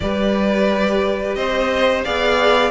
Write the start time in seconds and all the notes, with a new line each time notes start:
0.00 G3 G4 B4 D5
1.35 C4 C5 D#5
2.03 B3 G#4 D5 F5